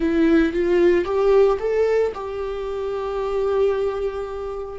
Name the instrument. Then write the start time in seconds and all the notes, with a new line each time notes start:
viola
0.00 E4
0.52 F4
1.05 G4
1.59 A4
2.14 G4